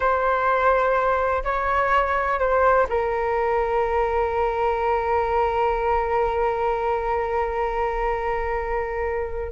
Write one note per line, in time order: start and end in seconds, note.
0.00 1.43 C5
1.44 2.39 C#5
2.39 2.86 C5
2.89 9.52 A#4